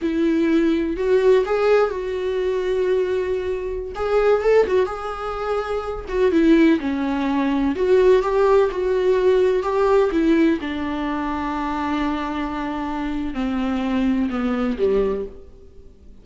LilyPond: \new Staff \with { instrumentName = "viola" } { \time 4/4 \tempo 4 = 126 e'2 fis'4 gis'4 | fis'1~ | fis'16 gis'4 a'8 fis'8 gis'4.~ gis'16~ | gis'8. fis'8 e'4 cis'4.~ cis'16~ |
cis'16 fis'4 g'4 fis'4.~ fis'16~ | fis'16 g'4 e'4 d'4.~ d'16~ | d'1 | c'2 b4 g4 | }